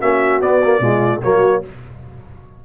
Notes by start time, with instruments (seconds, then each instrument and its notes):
0.00 tuba A#3, trombone C#4, horn F#4, trumpet E5
0.41 trombone B3, tuba B3, trumpet D5
0.63 trombone A#3
0.79 tuba B2, trombone G#3, horn F4
1.22 tuba F#3, trombone A#3, horn F#4, trumpet C#5